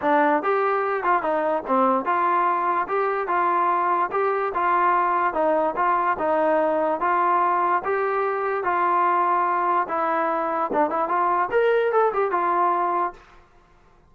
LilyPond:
\new Staff \with { instrumentName = "trombone" } { \time 4/4 \tempo 4 = 146 d'4 g'4. f'8 dis'4 | c'4 f'2 g'4 | f'2 g'4 f'4~ | f'4 dis'4 f'4 dis'4~ |
dis'4 f'2 g'4~ | g'4 f'2. | e'2 d'8 e'8 f'4 | ais'4 a'8 g'8 f'2 | }